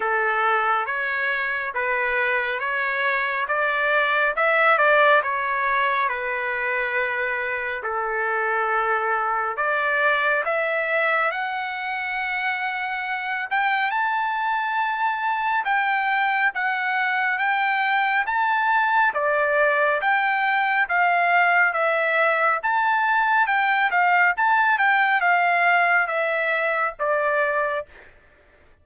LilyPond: \new Staff \with { instrumentName = "trumpet" } { \time 4/4 \tempo 4 = 69 a'4 cis''4 b'4 cis''4 | d''4 e''8 d''8 cis''4 b'4~ | b'4 a'2 d''4 | e''4 fis''2~ fis''8 g''8 |
a''2 g''4 fis''4 | g''4 a''4 d''4 g''4 | f''4 e''4 a''4 g''8 f''8 | a''8 g''8 f''4 e''4 d''4 | }